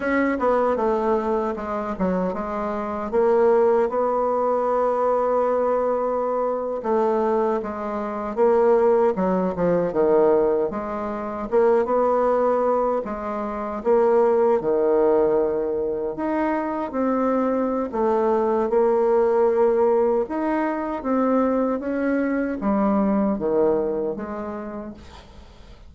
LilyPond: \new Staff \with { instrumentName = "bassoon" } { \time 4/4 \tempo 4 = 77 cis'8 b8 a4 gis8 fis8 gis4 | ais4 b2.~ | b8. a4 gis4 ais4 fis16~ | fis16 f8 dis4 gis4 ais8 b8.~ |
b8. gis4 ais4 dis4~ dis16~ | dis8. dis'4 c'4~ c'16 a4 | ais2 dis'4 c'4 | cis'4 g4 dis4 gis4 | }